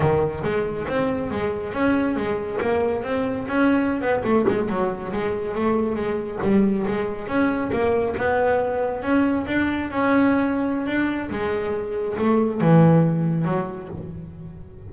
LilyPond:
\new Staff \with { instrumentName = "double bass" } { \time 4/4 \tempo 4 = 138 dis4 gis4 c'4 gis4 | cis'4 gis4 ais4 c'4 | cis'4~ cis'16 b8 a8 gis8 fis4 gis16~ | gis8. a4 gis4 g4 gis16~ |
gis8. cis'4 ais4 b4~ b16~ | b8. cis'4 d'4 cis'4~ cis'16~ | cis'4 d'4 gis2 | a4 e2 fis4 | }